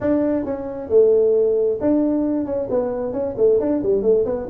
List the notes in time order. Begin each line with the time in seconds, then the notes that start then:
0.00 D4
0.45 C#4
0.89 A3
1.80 D4
2.45 C#4
2.70 B3
3.13 C#4
3.37 A3
3.60 D4
3.83 G3
4.02 A3
4.25 B3